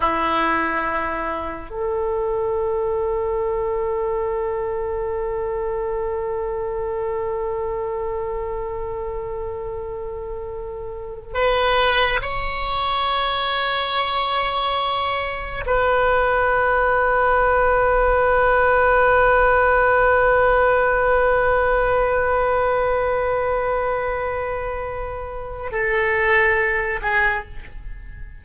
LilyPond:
\new Staff \with { instrumentName = "oboe" } { \time 4/4 \tempo 4 = 70 e'2 a'2~ | a'1~ | a'1~ | a'4~ a'16 b'4 cis''4.~ cis''16~ |
cis''2~ cis''16 b'4.~ b'16~ | b'1~ | b'1~ | b'2 a'4. gis'8 | }